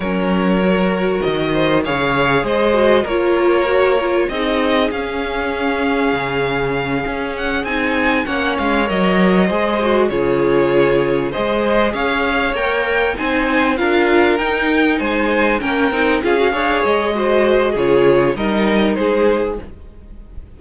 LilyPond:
<<
  \new Staff \with { instrumentName = "violin" } { \time 4/4 \tempo 4 = 98 cis''2 dis''4 f''4 | dis''4 cis''2 dis''4 | f''1 | fis''8 gis''4 fis''8 f''8 dis''4.~ |
dis''8 cis''2 dis''4 f''8~ | f''8 g''4 gis''4 f''4 g''8~ | g''8 gis''4 g''4 f''4 dis''8~ | dis''4 cis''4 dis''4 c''4 | }
  \new Staff \with { instrumentName = "violin" } { \time 4/4 ais'2~ ais'8 c''8 cis''4 | c''4 ais'2 gis'4~ | gis'1~ | gis'4. cis''2 c''8~ |
c''8 gis'2 c''4 cis''8~ | cis''4. c''4 ais'4.~ | ais'8 c''4 ais'4 gis'8 cis''4 | c''4 gis'4 ais'4 gis'4 | }
  \new Staff \with { instrumentName = "viola" } { \time 4/4 cis'4 fis'2 gis'4~ | gis'8 fis'8 f'4 fis'8 f'8 dis'4 | cis'1~ | cis'8 dis'4 cis'4 ais'4 gis'8 |
fis'8 f'2 gis'4.~ | gis'8 ais'4 dis'4 f'4 dis'8~ | dis'4. cis'8 dis'8 f'16 fis'16 gis'4 | fis'4 f'4 dis'2 | }
  \new Staff \with { instrumentName = "cello" } { \time 4/4 fis2 dis4 cis4 | gis4 ais2 c'4 | cis'2 cis4. cis'8~ | cis'8 c'4 ais8 gis8 fis4 gis8~ |
gis8 cis2 gis4 cis'8~ | cis'8 ais4 c'4 d'4 dis'8~ | dis'8 gis4 ais8 c'8 cis'8 d'8 gis8~ | gis4 cis4 g4 gis4 | }
>>